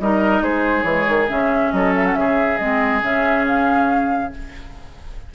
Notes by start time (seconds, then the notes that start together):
0.00 G3 D#4 A#4 D#5
0.42 G#3 G#4 C5
0.83 E3 G#3 C#5
1.09 D#3
1.29 C#3 C#4 E5
1.72 F#3 A4 D#5
1.96 E5
2.06 F#5
2.15 C#3 G#4 E5
2.58 G#3 C4 D#5
3.02 C#3 C#4 E5
3.47 F5